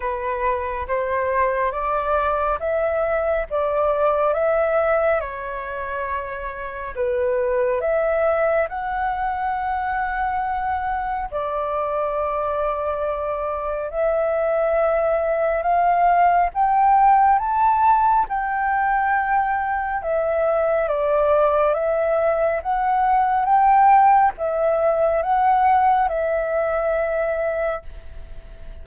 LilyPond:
\new Staff \with { instrumentName = "flute" } { \time 4/4 \tempo 4 = 69 b'4 c''4 d''4 e''4 | d''4 e''4 cis''2 | b'4 e''4 fis''2~ | fis''4 d''2. |
e''2 f''4 g''4 | a''4 g''2 e''4 | d''4 e''4 fis''4 g''4 | e''4 fis''4 e''2 | }